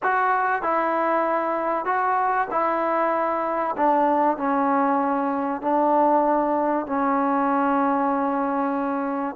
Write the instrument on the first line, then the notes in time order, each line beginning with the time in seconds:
trombone
0.02 F#4
0.62 E4
1.85 F#4
2.50 E4
3.76 D4
4.37 C#4
5.61 D4
6.86 C#4